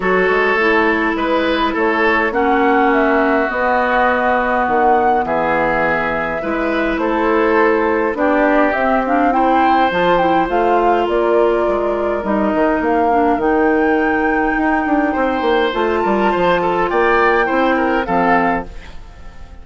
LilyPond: <<
  \new Staff \with { instrumentName = "flute" } { \time 4/4 \tempo 4 = 103 cis''2 b'4 cis''4 | fis''4 e''4 dis''2 | fis''4 e''2. | c''2 d''4 e''8 f''8 |
g''4 a''8 g''8 f''4 d''4~ | d''4 dis''4 f''4 g''4~ | g''2. a''4~ | a''4 g''2 f''4 | }
  \new Staff \with { instrumentName = "oboe" } { \time 4/4 a'2 b'4 a'4 | fis'1~ | fis'4 gis'2 b'4 | a'2 g'2 |
c''2. ais'4~ | ais'1~ | ais'2 c''4. ais'8 | c''8 a'8 d''4 c''8 ais'8 a'4 | }
  \new Staff \with { instrumentName = "clarinet" } { \time 4/4 fis'4 e'2. | cis'2 b2~ | b2. e'4~ | e'2 d'4 c'8 d'8 |
e'4 f'8 e'8 f'2~ | f'4 dis'4. d'8 dis'4~ | dis'2. f'4~ | f'2 e'4 c'4 | }
  \new Staff \with { instrumentName = "bassoon" } { \time 4/4 fis8 gis8 a4 gis4 a4 | ais2 b2 | dis4 e2 gis4 | a2 b4 c'4~ |
c'4 f4 a4 ais4 | gis4 g8 dis8 ais4 dis4~ | dis4 dis'8 d'8 c'8 ais8 a8 g8 | f4 ais4 c'4 f4 | }
>>